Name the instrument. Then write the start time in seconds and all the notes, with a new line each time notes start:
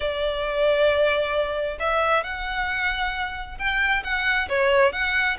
violin
0.00 D5
1.79 E5
2.23 F#5
3.58 G5
4.03 F#5
4.49 C#5
4.92 F#5